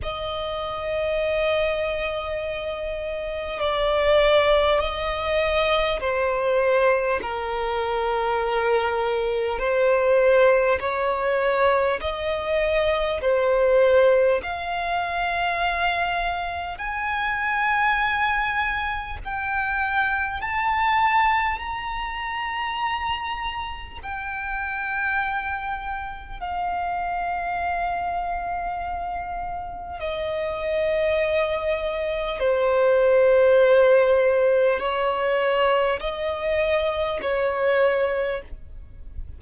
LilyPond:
\new Staff \with { instrumentName = "violin" } { \time 4/4 \tempo 4 = 50 dis''2. d''4 | dis''4 c''4 ais'2 | c''4 cis''4 dis''4 c''4 | f''2 gis''2 |
g''4 a''4 ais''2 | g''2 f''2~ | f''4 dis''2 c''4~ | c''4 cis''4 dis''4 cis''4 | }